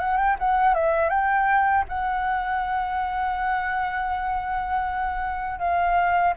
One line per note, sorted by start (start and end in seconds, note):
0.00 0.18 F#5
0.18 0.37 G5
0.40 0.75 F#5
0.75 1.10 E5
1.10 1.85 G5
1.89 5.59 F#5
5.59 6.34 F5